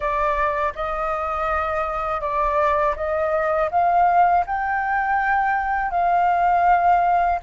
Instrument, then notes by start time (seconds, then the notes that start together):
flute
0.00 D5
0.75 D#5
2.20 D5
2.96 D#5
3.70 F5
4.46 G5
5.91 F5